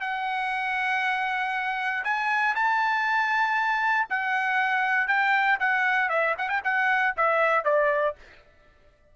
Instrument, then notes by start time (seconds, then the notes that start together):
trumpet
0.00 F#5
2.04 G#5
2.55 A5
4.09 F#5
5.08 G5
5.60 F#5
6.09 E5
6.38 F#5
6.49 G5
6.64 F#5
7.16 E5
7.64 D5